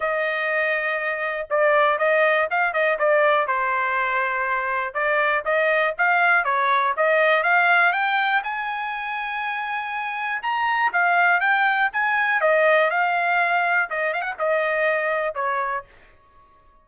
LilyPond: \new Staff \with { instrumentName = "trumpet" } { \time 4/4 \tempo 4 = 121 dis''2. d''4 | dis''4 f''8 dis''8 d''4 c''4~ | c''2 d''4 dis''4 | f''4 cis''4 dis''4 f''4 |
g''4 gis''2.~ | gis''4 ais''4 f''4 g''4 | gis''4 dis''4 f''2 | dis''8 f''16 fis''16 dis''2 cis''4 | }